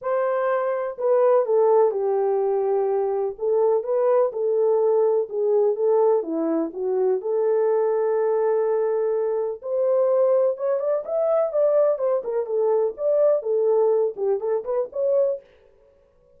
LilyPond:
\new Staff \with { instrumentName = "horn" } { \time 4/4 \tempo 4 = 125 c''2 b'4 a'4 | g'2. a'4 | b'4 a'2 gis'4 | a'4 e'4 fis'4 a'4~ |
a'1 | c''2 cis''8 d''8 e''4 | d''4 c''8 ais'8 a'4 d''4 | a'4. g'8 a'8 b'8 cis''4 | }